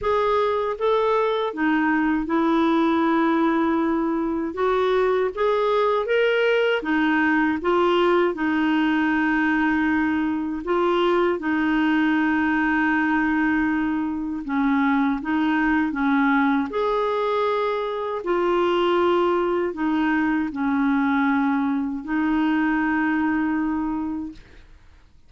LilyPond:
\new Staff \with { instrumentName = "clarinet" } { \time 4/4 \tempo 4 = 79 gis'4 a'4 dis'4 e'4~ | e'2 fis'4 gis'4 | ais'4 dis'4 f'4 dis'4~ | dis'2 f'4 dis'4~ |
dis'2. cis'4 | dis'4 cis'4 gis'2 | f'2 dis'4 cis'4~ | cis'4 dis'2. | }